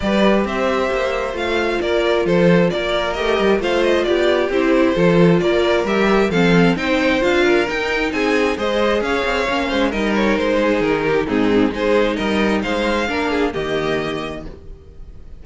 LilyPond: <<
  \new Staff \with { instrumentName = "violin" } { \time 4/4 \tempo 4 = 133 d''4 e''2 f''4 | d''4 c''4 d''4 dis''4 | f''8 dis''8 d''4 c''2 | d''4 e''4 f''4 g''4 |
f''4 g''4 gis''4 dis''4 | f''2 dis''8 cis''8 c''4 | ais'4 gis'4 c''4 dis''4 | f''2 dis''2 | }
  \new Staff \with { instrumentName = "violin" } { \time 4/4 b'4 c''2. | ais'4 a'4 ais'2 | c''4 g'2 a'4 | ais'2 a'4 c''4~ |
c''8 ais'4. gis'4 c''4 | cis''4. c''8 ais'4. gis'8~ | gis'8 g'8 dis'4 gis'4 ais'4 | c''4 ais'8 gis'8 g'2 | }
  \new Staff \with { instrumentName = "viola" } { \time 4/4 g'2. f'4~ | f'2. g'4 | f'2 e'4 f'4~ | f'4 g'4 c'4 dis'4 |
f'4 dis'2 gis'4~ | gis'4 cis'4 dis'2~ | dis'4 c'4 dis'2~ | dis'4 d'4 ais2 | }
  \new Staff \with { instrumentName = "cello" } { \time 4/4 g4 c'4 ais4 a4 | ais4 f4 ais4 a8 g8 | a4 b4 c'4 f4 | ais4 g4 f4 c'4 |
d'4 dis'4 c'4 gis4 | cis'8 c'8 ais8 gis8 g4 gis4 | dis4 gis,4 gis4 g4 | gis4 ais4 dis2 | }
>>